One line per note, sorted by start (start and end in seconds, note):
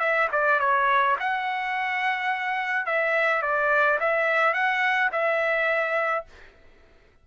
0.00 0.28 E5
0.32 0.60 D5
0.60 1.17 C#5
1.20 2.86 F#5
2.86 3.43 E5
3.43 3.99 D5
4.00 4.54 E5
4.54 5.11 F#5
5.13 6.26 E5